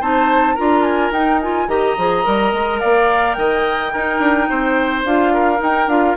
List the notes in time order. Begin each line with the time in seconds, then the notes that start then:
0.00 C4 D#4 C5 A5
0.54 D4 F4 A#4 A#5
0.83 G#5
1.11 D#4 G5
1.41 F4 G#5
1.68 D#3 G4 D#5 A#5
1.97 F3 G#4
2.23 G3 A#4
2.53 G#3
2.79 A#3 D5 F5
3.33 D#3 D#5 G5
3.92 D#4 A#4
4.19 D4
4.49 C4 C5
5.04 D4 F4 F5
5.33 A#4
5.56 D#4
5.62 G5
5.87 D4 F4 F5